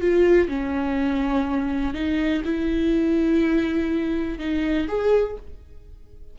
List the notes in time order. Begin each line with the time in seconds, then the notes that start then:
0.00 F4
0.48 C#4
1.94 D#4
2.44 E4
4.38 D#4
4.88 G#4